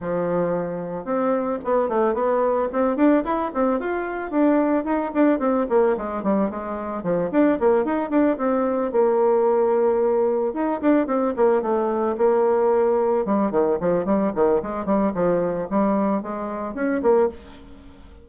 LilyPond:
\new Staff \with { instrumentName = "bassoon" } { \time 4/4 \tempo 4 = 111 f2 c'4 b8 a8 | b4 c'8 d'8 e'8 c'8 f'4 | d'4 dis'8 d'8 c'8 ais8 gis8 g8 | gis4 f8 d'8 ais8 dis'8 d'8 c'8~ |
c'8 ais2. dis'8 | d'8 c'8 ais8 a4 ais4.~ | ais8 g8 dis8 f8 g8 dis8 gis8 g8 | f4 g4 gis4 cis'8 ais8 | }